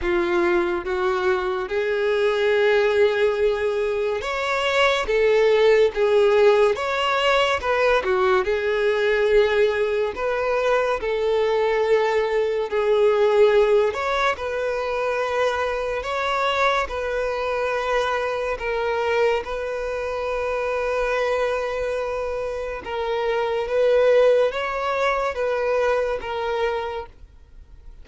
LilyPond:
\new Staff \with { instrumentName = "violin" } { \time 4/4 \tempo 4 = 71 f'4 fis'4 gis'2~ | gis'4 cis''4 a'4 gis'4 | cis''4 b'8 fis'8 gis'2 | b'4 a'2 gis'4~ |
gis'8 cis''8 b'2 cis''4 | b'2 ais'4 b'4~ | b'2. ais'4 | b'4 cis''4 b'4 ais'4 | }